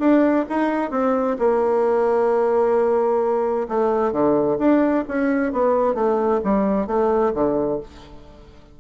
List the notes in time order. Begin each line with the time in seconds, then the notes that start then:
0.00 D4
0.50 D#4
0.91 C4
1.39 A#3
3.69 A3
4.12 D3
4.59 D4
5.08 C#4
5.53 B3
5.95 A3
6.44 G3
6.87 A3
7.34 D3